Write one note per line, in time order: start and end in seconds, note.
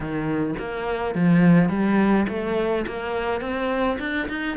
0.00 0.54 D#3
0.58 1.14 A#3
1.14 1.69 F3
1.69 2.26 G3
2.28 2.85 A3
2.86 3.41 A#3
3.41 3.98 C4
3.99 4.28 D4
4.28 4.57 D#4